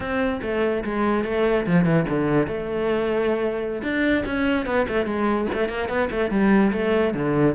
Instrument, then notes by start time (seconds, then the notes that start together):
cello
0.00 C4
0.42 A3
0.84 G#3
1.24 A3
1.66 F3
1.84 E3
2.09 D3
2.47 A3
3.82 D4
4.25 C#4
4.66 B3
4.88 A3
5.05 G#3
5.53 A3
5.68 A#3
5.88 B3
6.11 A3
6.30 G3
6.72 A3
7.14 D3